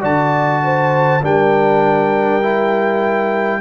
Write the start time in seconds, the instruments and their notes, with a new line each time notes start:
0.00 tuba D3, trombone F#4, horn D5, trumpet A5
0.63 horn C5
1.22 tuba G3, trombone D4, horn A#4, trumpet G5
2.42 trombone E4